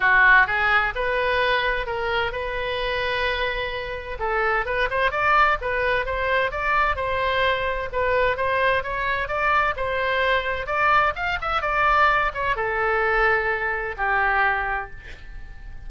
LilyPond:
\new Staff \with { instrumentName = "oboe" } { \time 4/4 \tempo 4 = 129 fis'4 gis'4 b'2 | ais'4 b'2.~ | b'4 a'4 b'8 c''8 d''4 | b'4 c''4 d''4 c''4~ |
c''4 b'4 c''4 cis''4 | d''4 c''2 d''4 | f''8 e''8 d''4. cis''8 a'4~ | a'2 g'2 | }